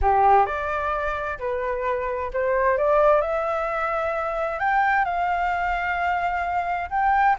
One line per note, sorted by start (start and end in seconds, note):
0.01 0.46 G4
0.46 1.38 D5
1.38 2.31 B4
2.33 2.77 C5
2.77 3.21 D5
3.21 4.59 E5
4.59 5.05 G5
5.05 6.89 F5
6.90 7.36 G5